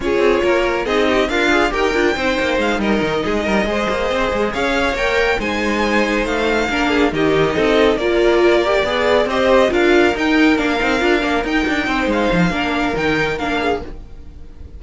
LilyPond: <<
  \new Staff \with { instrumentName = "violin" } { \time 4/4 \tempo 4 = 139 cis''2 dis''4 f''4 | g''2 f''8 dis''4.~ | dis''2~ dis''8 f''4 g''8~ | g''8 gis''2 f''4.~ |
f''8 dis''2 d''4.~ | d''4. dis''4 f''4 g''8~ | g''8 f''2 g''4. | f''2 g''4 f''4 | }
  \new Staff \with { instrumentName = "violin" } { \time 4/4 gis'4 ais'4 gis'8 g'8 f'4 | ais'4 c''4. ais'4 gis'8 | ais'8 c''2 cis''4.~ | cis''8 c''2. ais'8 |
gis'8 g'4 a'4 ais'4.~ | ais'8 d''4 c''4 ais'4.~ | ais'2.~ ais'8 c''8~ | c''4 ais'2~ ais'8 gis'8 | }
  \new Staff \with { instrumentName = "viola" } { \time 4/4 f'2 dis'4 ais'8 gis'8 | g'8 f'8 dis'2.~ | dis'8 gis'2. ais'8~ | ais'8 dis'2. d'8~ |
d'8 dis'2 f'4. | g'8 gis'4 g'4 f'4 dis'8~ | dis'8 d'8 dis'8 f'8 d'8 dis'4.~ | dis'4 d'4 dis'4 d'4 | }
  \new Staff \with { instrumentName = "cello" } { \time 4/4 cis'8 c'8 ais4 c'4 d'4 | dis'8 d'8 c'8 ais8 gis8 g8 dis8 gis8 | g8 gis8 ais8 c'8 gis8 cis'4 ais8~ | ais8 gis2 a4 ais8~ |
ais8 dis4 c'4 ais4.~ | ais8 b4 c'4 d'4 dis'8~ | dis'8 ais8 c'8 d'8 ais8 dis'8 d'8 c'8 | gis8 f8 ais4 dis4 ais4 | }
>>